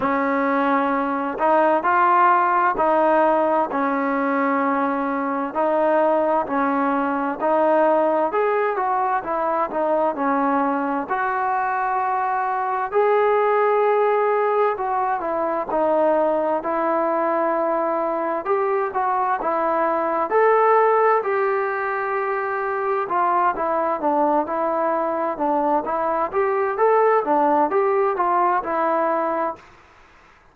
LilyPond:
\new Staff \with { instrumentName = "trombone" } { \time 4/4 \tempo 4 = 65 cis'4. dis'8 f'4 dis'4 | cis'2 dis'4 cis'4 | dis'4 gis'8 fis'8 e'8 dis'8 cis'4 | fis'2 gis'2 |
fis'8 e'8 dis'4 e'2 | g'8 fis'8 e'4 a'4 g'4~ | g'4 f'8 e'8 d'8 e'4 d'8 | e'8 g'8 a'8 d'8 g'8 f'8 e'4 | }